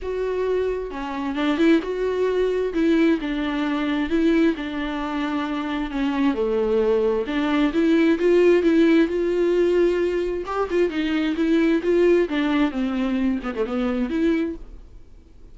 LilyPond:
\new Staff \with { instrumentName = "viola" } { \time 4/4 \tempo 4 = 132 fis'2 cis'4 d'8 e'8 | fis'2 e'4 d'4~ | d'4 e'4 d'2~ | d'4 cis'4 a2 |
d'4 e'4 f'4 e'4 | f'2. g'8 f'8 | dis'4 e'4 f'4 d'4 | c'4. b16 a16 b4 e'4 | }